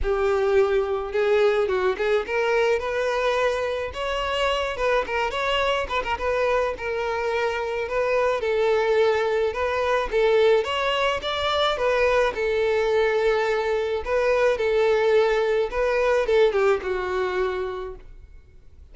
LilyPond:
\new Staff \with { instrumentName = "violin" } { \time 4/4 \tempo 4 = 107 g'2 gis'4 fis'8 gis'8 | ais'4 b'2 cis''4~ | cis''8 b'8 ais'8 cis''4 b'16 ais'16 b'4 | ais'2 b'4 a'4~ |
a'4 b'4 a'4 cis''4 | d''4 b'4 a'2~ | a'4 b'4 a'2 | b'4 a'8 g'8 fis'2 | }